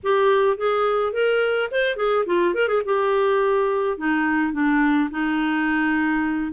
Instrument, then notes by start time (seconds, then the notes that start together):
clarinet
0.03 G4
0.57 G#4
1.12 A#4
1.71 C5
1.96 G#4
2.26 F4
2.54 A#4
2.68 G#4
2.85 G4
3.97 D#4
4.53 D4
5.10 D#4